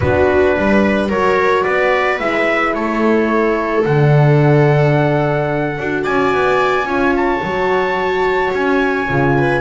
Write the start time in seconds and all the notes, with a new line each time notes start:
0.00 B3 D4 F#4 B4
0.56 G3 B4
1.08 F#3 F#4 A#4 C#5
1.63 B3 B4 D5
2.19 G#3 E4 E5
2.74 A3 A4 C#5
3.85 D3 D4 F#5
5.78 D4 F#4
6.03 C#4 D5 G#5
6.33 B3
6.85 C#4 F4 C#5
7.16 A5
7.42 F#3 F#4
8.54 C#4 G#5
9.08 C#3 F4
9.37 B4